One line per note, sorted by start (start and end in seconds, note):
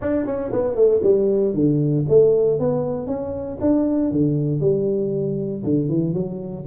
0.01 0.26 D4
0.26 0.51 C#4
0.52 0.75 B3
0.75 1.00 A3
1.02 1.53 G3
1.53 2.05 D3
2.09 2.59 A3
2.59 3.06 B3
3.06 3.58 C#4
3.60 4.11 D4
4.11 4.60 D3
4.60 5.62 G3
5.64 5.88 D3
5.88 6.13 E3
6.13 6.65 F#3